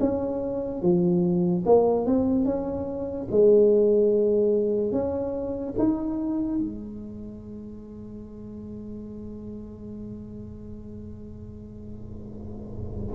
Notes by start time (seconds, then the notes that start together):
0.00 C#4
0.82 F3
1.66 A#3
2.06 C4
2.45 C#4
3.31 G#3
4.92 C#4
5.78 D#4
6.59 G#3